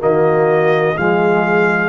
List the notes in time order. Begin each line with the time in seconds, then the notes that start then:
0.00 D#3 A#3 F#4 D#5
0.96 F3 G#3 G#4 F5